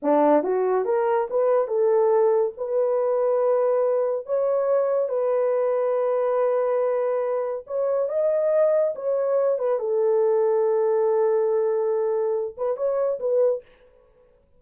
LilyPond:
\new Staff \with { instrumentName = "horn" } { \time 4/4 \tempo 4 = 141 d'4 fis'4 ais'4 b'4 | a'2 b'2~ | b'2 cis''2 | b'1~ |
b'2 cis''4 dis''4~ | dis''4 cis''4. b'8 a'4~ | a'1~ | a'4. b'8 cis''4 b'4 | }